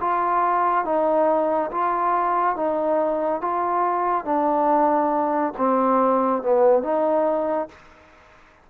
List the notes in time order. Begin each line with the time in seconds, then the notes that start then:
0.00 F4
0.85 D#4
1.71 F4
2.56 D#4
3.41 F4
4.24 D4
5.58 C4
6.42 B3
6.83 D#4